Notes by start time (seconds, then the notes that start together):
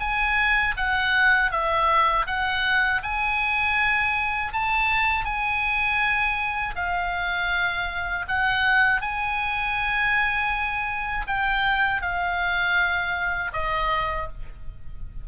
0.00 G#5
0.77 F#5
1.51 E5
2.26 F#5
3.03 G#5
4.53 A5
5.25 G#5
6.75 F5
8.28 F#5
9.01 G#5
11.27 G5
12.02 F5
13.53 D#5